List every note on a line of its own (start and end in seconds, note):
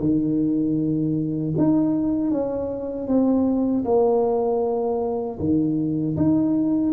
0.00 1.54 D#3
1.57 2.31 D#4
2.31 3.07 C#4
3.07 3.84 C4
3.85 5.38 A#3
5.39 6.16 D#3
6.16 6.92 D#4